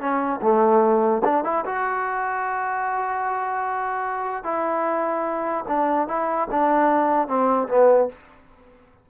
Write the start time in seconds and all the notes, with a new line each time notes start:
0.00 C#4
0.42 A3
1.24 D4
1.44 E4
1.65 F#4
4.44 E4
5.68 D4
6.08 E4
6.51 D4
7.28 C4
7.68 B3